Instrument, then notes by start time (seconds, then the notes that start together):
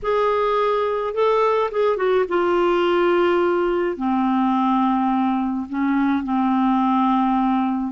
clarinet
0.02 G#4
1.13 A4
1.71 G#4
1.96 F#4
2.28 F4
3.96 C4
5.69 C#4
6.23 C4